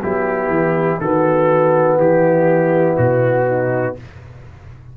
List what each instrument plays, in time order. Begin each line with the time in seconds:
0.00 tuba F#3, horn B3, trombone E4, trumpet G4
0.48 tuba E3
1.00 tuba D#3, trombone B3, horn F#4, trumpet A4
1.97 tuba E3, horn E4, trumpet G4
2.97 tuba B2, trumpet F#4
3.47 horn D#4